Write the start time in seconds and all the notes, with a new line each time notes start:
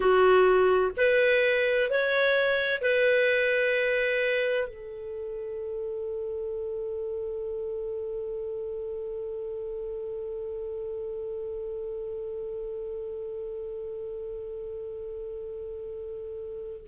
0.00 F#4
0.96 B4
1.90 C#5
2.81 B4
4.67 A4